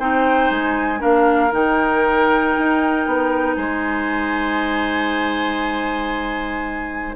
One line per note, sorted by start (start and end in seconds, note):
0.00 0.51 C4
0.00 0.99 D#4
0.00 1.01 C5
0.00 0.51 G5
0.51 1.02 G#3
0.51 1.02 G#5
0.99 1.54 A#3
0.99 1.50 D4
0.99 3.57 A#4
0.99 1.53 F5
1.51 2.56 D#3
1.51 7.15 D#4
1.51 3.56 G5
2.58 3.07 D#4
3.07 3.57 B3
3.56 7.16 G#3
3.56 7.16 C5
3.56 7.15 G#5